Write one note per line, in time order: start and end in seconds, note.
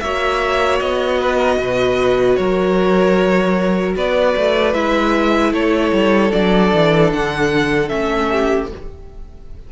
0.00 0.81 A#3
0.00 4.74 F#4
0.00 1.21 C#5
0.00 0.79 E5
0.80 1.59 B3
0.80 2.36 D#5
1.21 1.37 B4
1.37 1.56 A#4
1.59 2.38 B2
1.59 2.39 B4
2.36 3.96 F#3
2.36 3.96 A#4
2.36 3.94 C#5
3.96 4.36 B3
3.96 5.53 B4
3.96 4.74 D5
4.37 4.75 A3
4.74 5.53 G#3
4.74 6.32 E4
4.74 5.53 E5
5.53 5.92 A3
5.53 8.30 A4
5.53 6.32 C#5
5.93 6.32 G3
6.32 6.74 F#3
6.32 7.89 D4
6.32 7.11 D5
6.74 7.13 E3
7.13 7.92 D3
7.13 7.89 F#5
7.89 8.72 A3
7.89 8.68 C#4
7.89 8.68 E5
8.31 8.71 G4